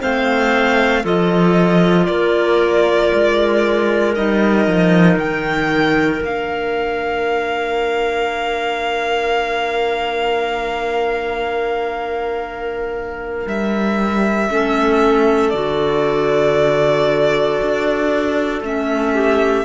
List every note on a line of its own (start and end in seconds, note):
0.00 1.04 A3
0.00 1.04 C4
0.00 1.02 C5
0.00 1.05 F5
1.02 2.08 F3
1.02 4.14 F4
1.02 2.06 A4
1.02 2.06 D#5
2.06 3.12 A#3
2.06 14.49 A#4
2.06 4.13 D5
3.14 4.17 G#3
4.15 4.67 G3
4.15 6.20 D#4
4.15 5.19 D#5
4.67 5.17 F3
5.17 6.21 D#3
5.17 6.22 G5
6.20 13.46 A#3
6.20 14.47 D4
6.20 13.48 F5
13.46 14.50 G3
13.46 15.50 E5
14.50 15.53 A3
14.50 15.53 C#4
14.50 19.14 A4
15.50 17.60 D3
15.50 18.63 F#4
15.50 18.60 D5
17.62 18.61 D4
18.61 19.64 A3
18.61 19.65 C#4
18.61 19.65 E5
19.14 19.65 G4